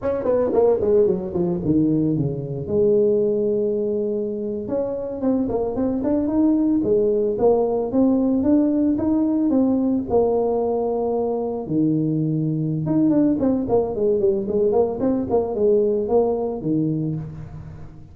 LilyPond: \new Staff \with { instrumentName = "tuba" } { \time 4/4 \tempo 4 = 112 cis'8 b8 ais8 gis8 fis8 f8 dis4 | cis4 gis2.~ | gis8. cis'4 c'8 ais8 c'8 d'8 dis'16~ | dis'8. gis4 ais4 c'4 d'16~ |
d'8. dis'4 c'4 ais4~ ais16~ | ais4.~ ais16 dis2~ dis16 | dis'8 d'8 c'8 ais8 gis8 g8 gis8 ais8 | c'8 ais8 gis4 ais4 dis4 | }